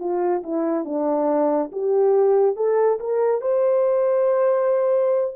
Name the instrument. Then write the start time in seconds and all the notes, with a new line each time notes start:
horn
0.00 F4
0.44 E4
0.85 D4
1.72 G4
2.56 A4
3.00 A#4
3.42 C5